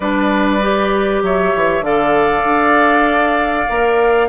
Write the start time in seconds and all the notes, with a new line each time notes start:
0.00 G3 D4 B4 D5
0.61 G4
1.22 F#3 C#5 E5
1.55 E3
1.81 D3 A4 D5 F5
2.44 D4
3.68 A#3 A#4